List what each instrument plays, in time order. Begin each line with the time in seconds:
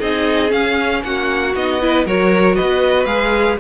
0.00 cello C4, viola D#4, violin G#4 D#5
0.49 viola C#4, cello C#4, violin F5
1.04 cello A#3, violin F#4 F#5
1.55 cello B3, viola D#4, violin D#5
1.81 viola E4, violin B4
2.06 cello F#3, viola F#4, violin A#4 C#5
2.56 cello B3, violin B4 D#5
3.06 cello G#3, viola G#4, violin F5